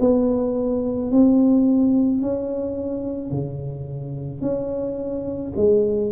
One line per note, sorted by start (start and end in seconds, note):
0.00 1.11 B3
1.11 2.21 C4
2.21 3.31 C#4
3.31 4.41 C#3
4.41 5.52 C#4
5.56 6.12 G#3